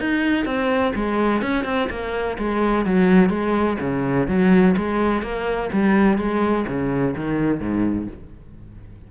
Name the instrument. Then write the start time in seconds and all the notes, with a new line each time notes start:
cello
0.00 D#4
0.46 C4
0.95 G#3
1.42 C#4
1.65 C4
1.90 A#3
2.39 G#3
2.85 F#3
3.30 G#3
3.81 C#3
4.28 F#3
4.77 G#3
5.22 A#3
5.73 G3
6.18 G#3
6.68 C#3
7.16 D#3
7.61 G#2